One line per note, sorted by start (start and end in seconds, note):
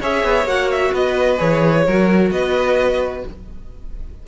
0.00 0.24 C#4
0.00 0.46 G#4
0.00 0.92 C#5
0.00 0.47 E5
0.24 0.44 B3
0.44 0.90 A#3
0.44 1.38 F#4
0.44 0.70 F#5
0.70 0.94 E5
0.92 1.39 B3
0.92 1.84 B4
0.92 1.40 D#5
1.38 1.87 E3
1.38 1.84 G#4
1.38 2.30 C#5
1.86 2.31 F#3
1.86 3.27 F#4
1.86 2.32 A#4
2.30 3.23 B3
2.30 3.26 B4
2.30 3.23 D#5